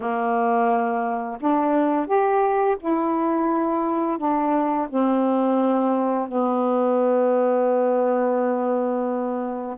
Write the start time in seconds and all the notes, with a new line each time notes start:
0.00 A#3
1.40 D4
2.06 G4
2.80 E4
4.18 D4
4.89 C4
6.28 B3